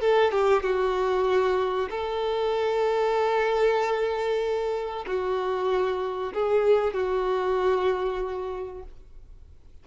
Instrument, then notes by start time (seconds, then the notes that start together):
violin
0.00 A4
0.31 G4
0.63 F#4
1.89 A4
5.06 F#4
6.33 G#4
6.93 F#4